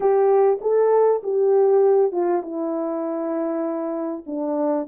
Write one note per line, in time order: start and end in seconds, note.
0.00 0.59 G4
0.61 1.21 A4
1.23 2.12 G4
2.12 2.42 F4
2.42 4.24 E4
4.26 4.87 D4